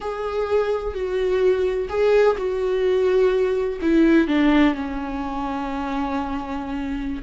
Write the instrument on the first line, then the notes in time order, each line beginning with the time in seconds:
viola
0.00 G#4
0.93 F#4
1.89 G#4
2.37 F#4
3.81 E4
4.27 D4
4.74 C#4